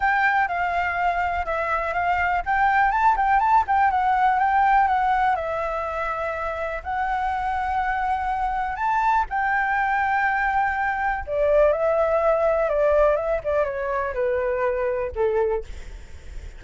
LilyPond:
\new Staff \with { instrumentName = "flute" } { \time 4/4 \tempo 4 = 123 g''4 f''2 e''4 | f''4 g''4 a''8 g''8 a''8 g''8 | fis''4 g''4 fis''4 e''4~ | e''2 fis''2~ |
fis''2 a''4 g''4~ | g''2. d''4 | e''2 d''4 e''8 d''8 | cis''4 b'2 a'4 | }